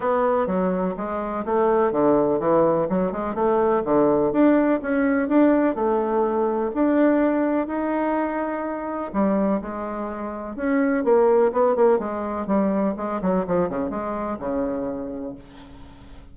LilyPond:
\new Staff \with { instrumentName = "bassoon" } { \time 4/4 \tempo 4 = 125 b4 fis4 gis4 a4 | d4 e4 fis8 gis8 a4 | d4 d'4 cis'4 d'4 | a2 d'2 |
dis'2. g4 | gis2 cis'4 ais4 | b8 ais8 gis4 g4 gis8 fis8 | f8 cis8 gis4 cis2 | }